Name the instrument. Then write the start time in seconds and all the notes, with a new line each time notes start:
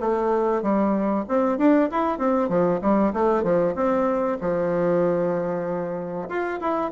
bassoon
0.00 A3
0.62 G3
1.29 C4
1.58 D4
1.92 E4
2.18 C4
2.49 F3
2.82 G3
3.13 A3
3.43 F3
3.75 C4
4.41 F3
6.29 F4
6.61 E4